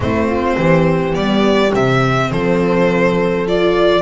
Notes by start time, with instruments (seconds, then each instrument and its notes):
0.00 double bass A3, viola C4, horn E4, violin C5
0.26 horn F4
0.56 double bass E3, horn G4
1.12 double bass G3, viola B3, violin D5
1.73 double bass C3, viola C4, violin E5
2.30 double bass F3, horn A4, violin C5
3.46 viola F4, violin D5